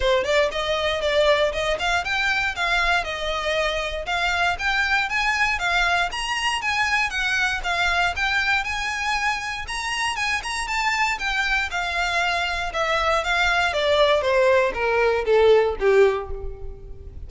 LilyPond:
\new Staff \with { instrumentName = "violin" } { \time 4/4 \tempo 4 = 118 c''8 d''8 dis''4 d''4 dis''8 f''8 | g''4 f''4 dis''2 | f''4 g''4 gis''4 f''4 | ais''4 gis''4 fis''4 f''4 |
g''4 gis''2 ais''4 | gis''8 ais''8 a''4 g''4 f''4~ | f''4 e''4 f''4 d''4 | c''4 ais'4 a'4 g'4 | }